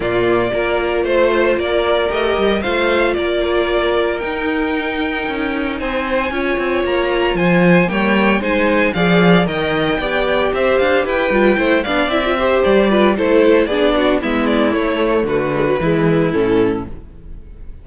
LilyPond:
<<
  \new Staff \with { instrumentName = "violin" } { \time 4/4 \tempo 4 = 114 d''2 c''4 d''4 | dis''4 f''4 d''2 | g''2. gis''4~ | gis''4 ais''4 gis''4 g''4 |
gis''4 f''4 g''2 | e''8 f''8 g''4. f''8 e''4 | d''4 c''4 d''4 e''8 d''8 | cis''4 b'2 a'4 | }
  \new Staff \with { instrumentName = "violin" } { \time 4/4 f'4 ais'4 c''4 ais'4~ | ais'4 c''4 ais'2~ | ais'2. c''4 | cis''2 c''4 cis''4 |
c''4 d''4 dis''4 d''4 | c''4 b'4 c''8 d''4 c''8~ | c''8 b'8 a'4 gis'8 fis'8 e'4~ | e'4 fis'4 e'2 | }
  \new Staff \with { instrumentName = "viola" } { \time 4/4 ais4 f'2. | g'4 f'2. | dis'1 | f'2. ais4 |
dis'4 gis'4 ais'4 g'4~ | g'4. f'8 e'8 d'8 e'16 f'16 g'8~ | g'8 f'8 e'4 d'4 b4 | a4. gis16 fis16 gis4 cis'4 | }
  \new Staff \with { instrumentName = "cello" } { \time 4/4 ais,4 ais4 a4 ais4 | a8 g8 a4 ais2 | dis'2 cis'4 c'4 | cis'8 c'8 ais4 f4 g4 |
gis4 f4 dis4 b4 | c'8 d'8 e'8 g8 a8 b8 c'4 | g4 a4 b4 gis4 | a4 d4 e4 a,4 | }
>>